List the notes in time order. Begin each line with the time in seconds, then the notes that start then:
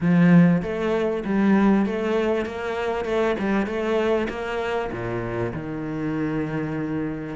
0.00 F3
0.62 A3
1.24 G3
1.85 A3
2.45 A#3
3.04 A3
3.39 G3
3.66 A3
4.29 A#3
4.91 A#2
5.53 D#3